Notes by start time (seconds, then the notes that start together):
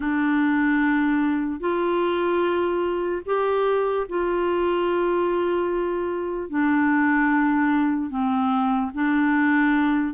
0.00 D4
1.60 F4
3.25 G4
4.08 F4
6.49 D4
8.10 C4
8.94 D4